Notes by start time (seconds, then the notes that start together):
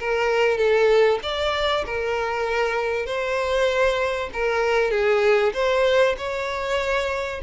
0.00 A#4
0.58 A4
1.23 D5
1.86 A#4
3.06 C5
4.34 A#4
4.91 G#4
5.54 C5
6.18 C#5